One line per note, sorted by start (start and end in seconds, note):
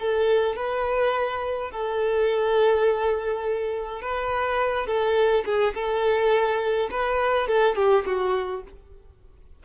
0.00 0.57 A4
0.57 1.72 B4
1.72 4.02 A4
4.02 4.87 B4
4.87 5.45 A4
5.45 5.74 G#4
5.75 6.90 A4
6.92 7.48 B4
7.48 7.76 A4
7.76 8.05 G4
8.06 8.64 F#4